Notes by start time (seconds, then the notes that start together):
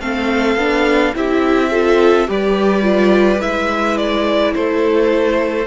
0.00 A3 C4 A4 F5
0.55 B3 D4
1.14 C4 E4 G4 E5
1.70 F4 A4
2.27 G3 G4 B4 D5
2.82 F4
3.39 G#3 E4 E5
3.97 D5
4.54 A3 A4 C5